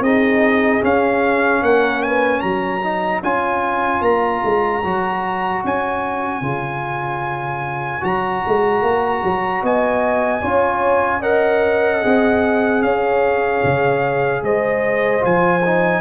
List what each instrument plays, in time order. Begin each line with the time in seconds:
0.00 tuba C4, trombone D#4, horn G#4, trumpet D#5
0.81 trombone C#4, tuba C#4, trumpet F5
1.62 tuba A#3, horn A#4, trumpet F#5
2.02 horn B4, trumpet G#5
2.40 tuba F#3, horn C#5, trumpet A#5
2.83 trombone D#4
3.22 tuba C#4, trombone F4, trumpet G#5
4.01 tuba A#3, trumpet A#5
4.44 tuba G#3
4.84 tuba F#3, trombone F#4
5.64 tuba C#4, trumpet G#5
6.41 tuba C#3, trombone F4
8.00 tuba F#3, trombone F#4, trumpet A#5
8.47 tuba G#3
8.82 tuba A#3
9.23 tuba F#3
9.62 tuba B3, horn D#5, trumpet G#5
10.41 tuba C#4, trombone F4, horn C#5
11.20 trombone A#4, horn D#5, trumpet F#5
12.02 tuba C4, trombone G#4
12.81 tuba C#4, horn C#5, trumpet F5
13.64 tuba C#3
14.42 tuba G#3, horn C5, trumpet D#5
15.20 tuba F3, trombone F4, trumpet G#5
15.65 trombone D#4